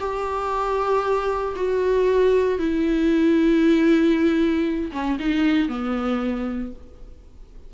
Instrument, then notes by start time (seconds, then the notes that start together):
viola
0.00 G4
1.56 F#4
2.59 E4
4.92 C#4
5.20 D#4
5.69 B3